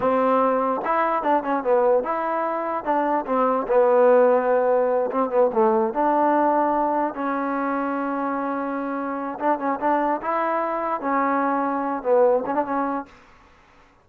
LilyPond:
\new Staff \with { instrumentName = "trombone" } { \time 4/4 \tempo 4 = 147 c'2 e'4 d'8 cis'8 | b4 e'2 d'4 | c'4 b2.~ | b8 c'8 b8 a4 d'4.~ |
d'4. cis'2~ cis'8~ | cis'2. d'8 cis'8 | d'4 e'2 cis'4~ | cis'4. b4 cis'16 d'16 cis'4 | }